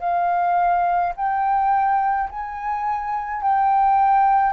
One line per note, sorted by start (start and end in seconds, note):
0.00 1.13 F5
1.16 2.30 G5
2.30 3.42 G#5
3.42 4.53 G5